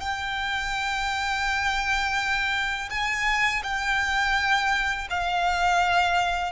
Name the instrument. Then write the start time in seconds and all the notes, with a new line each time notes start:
violin
0.00 G5
2.90 G#5
3.63 G5
5.10 F5